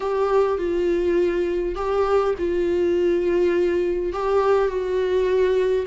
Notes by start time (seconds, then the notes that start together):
0.00 G4
0.57 F4
1.75 G4
2.38 F4
4.12 G4
4.68 F#4